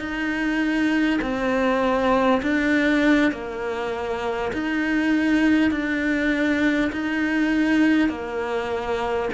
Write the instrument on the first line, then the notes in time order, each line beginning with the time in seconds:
cello
0.00 D#4
1.22 C4
2.42 D4
3.32 A#3
4.53 D#4
5.71 D4
6.92 D#4
8.09 A#3